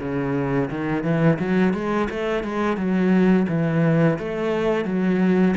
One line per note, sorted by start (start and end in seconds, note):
0.00 0.70 C#3
0.70 1.04 D#3
1.04 1.39 E3
1.40 1.74 F#3
1.74 2.09 G#3
2.10 2.44 A3
2.44 2.77 G#3
2.77 3.47 F#3
3.49 4.19 E3
4.19 4.85 A3
4.85 5.55 F#3